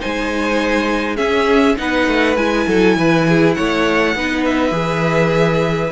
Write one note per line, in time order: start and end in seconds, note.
0.00 1.18 G#3
0.00 1.16 D#4
0.00 1.16 C5
0.00 1.16 G#5
1.16 1.75 C#4
1.16 1.77 C#4
1.16 1.75 G#4
1.16 1.75 E5
1.77 2.07 B3
1.77 2.36 D#4
1.77 2.67 B4
1.77 2.36 F#5
2.07 2.36 A3
2.36 2.66 G#3
2.36 4.16 E4
2.36 3.54 G#5
2.67 2.96 F#3
2.67 2.97 A4
2.96 3.56 E3
2.96 3.27 B4
3.28 3.56 G#4
3.54 4.15 A3
3.54 4.15 C#5
3.54 4.43 F#5
4.15 4.71 B3
4.15 4.71 D#4
4.15 5.91 B4
4.44 5.91 E5
4.71 5.90 E3
4.71 5.90 G#4